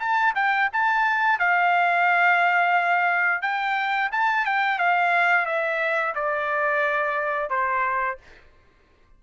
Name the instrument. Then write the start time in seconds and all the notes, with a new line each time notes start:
trumpet
0.00 A5
0.36 G5
0.73 A5
1.39 F5
3.42 G5
4.12 A5
4.46 G5
4.79 F5
5.46 E5
6.15 D5
7.50 C5